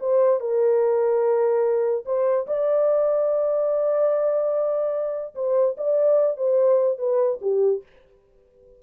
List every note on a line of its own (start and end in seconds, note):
0.00 0.41 C5
0.41 2.05 A#4
2.06 2.47 C5
2.47 5.35 D5
5.35 5.76 C5
5.78 6.37 D5
6.37 6.99 C5
6.99 7.40 B4
7.42 7.83 G4